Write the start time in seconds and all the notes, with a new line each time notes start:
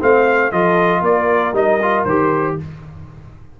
0.00 A3 C4 C5 F5
0.51 F3 F4 A4 D#5
1.01 A#3 A#4 D5
1.53 G3 D#4 D#5
1.82 F4
2.04 D#3 G4 C5